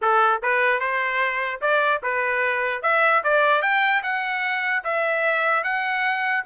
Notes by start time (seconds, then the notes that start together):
0.01 A4
0.42 B4
0.79 C5
1.61 D5
2.02 B4
2.82 E5
3.23 D5
3.61 G5
4.02 F#5
4.84 E5
5.63 F#5